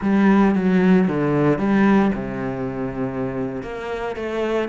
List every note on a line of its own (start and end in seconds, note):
0.01 0.55 G3
0.55 1.08 F#3
1.08 1.58 D3
1.58 2.11 G3
2.15 3.62 C3
3.62 4.15 A#3
4.16 4.68 A3